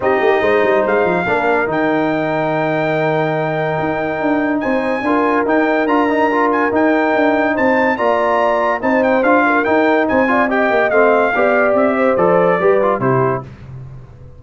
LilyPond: <<
  \new Staff \with { instrumentName = "trumpet" } { \time 4/4 \tempo 4 = 143 dis''2 f''2 | g''1~ | g''2. gis''4~ | gis''4 g''4 ais''4. gis''8 |
g''2 a''4 ais''4~ | ais''4 a''8 g''8 f''4 g''4 | gis''4 g''4 f''2 | e''4 d''2 c''4 | }
  \new Staff \with { instrumentName = "horn" } { \time 4/4 g'4 c''2 ais'4~ | ais'1~ | ais'2. c''4 | ais'1~ |
ais'2 c''4 d''4~ | d''4 c''4. ais'4. | c''8 d''8 dis''2 d''4~ | d''8 c''4. b'4 g'4 | }
  \new Staff \with { instrumentName = "trombone" } { \time 4/4 dis'2. d'4 | dis'1~ | dis'1 | f'4 dis'4 f'8 dis'8 f'4 |
dis'2. f'4~ | f'4 dis'4 f'4 dis'4~ | dis'8 f'8 g'4 c'4 g'4~ | g'4 a'4 g'8 f'8 e'4 | }
  \new Staff \with { instrumentName = "tuba" } { \time 4/4 c'8 ais8 gis8 g8 gis8 f8 ais4 | dis1~ | dis4 dis'4 d'4 c'4 | d'4 dis'4 d'2 |
dis'4 d'4 c'4 ais4~ | ais4 c'4 d'4 dis'4 | c'4. ais8 a4 b4 | c'4 f4 g4 c4 | }
>>